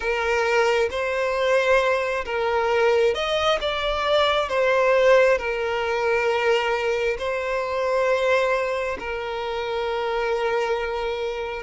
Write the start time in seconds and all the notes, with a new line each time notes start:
0.00 A#4
0.90 C5
2.25 A#4
3.14 D#5
3.61 D5
4.48 C5
5.37 A#4
7.18 C5
8.99 A#4